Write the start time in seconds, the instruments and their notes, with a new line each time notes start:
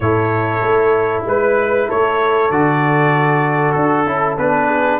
0.00 tuba A2, trombone E4, horn A4, trumpet C#5
0.61 tuba A3
1.25 tuba G#3, horn B4, trumpet B4
1.88 tuba A3, horn A4, trumpet C#5
2.50 tuba D3, trombone F#4, trumpet D5
3.72 tuba D4, trumpet A4
4.05 tuba C#4, trombone E4
4.38 tuba B3, trombone D4, trumpet B4
4.67 horn G#4